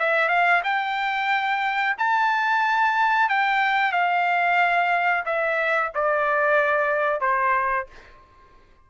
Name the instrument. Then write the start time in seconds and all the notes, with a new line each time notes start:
trumpet
0.00 E5
0.29 F5
0.64 G5
1.98 A5
3.30 G5
3.93 F5
5.26 E5
5.95 D5
7.21 C5